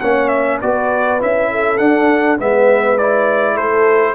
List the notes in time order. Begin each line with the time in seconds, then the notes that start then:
0.00 A#3 C#4 C#5 F#5
0.28 E5
0.61 B3 F#4 B4 D5
1.19 C#4 E4 E5
1.51 A4
1.77 D4 F#5
2.38 G#3 B3 B4 E5
2.98 E4 D5
3.54 A3 A4 C5